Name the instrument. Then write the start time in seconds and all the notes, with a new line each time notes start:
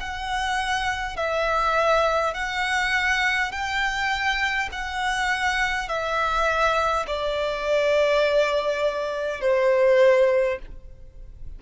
violin
0.00 F#5
1.16 E5
2.34 F#5
3.51 G5
4.72 F#5
5.88 E5
7.06 D5
9.41 C5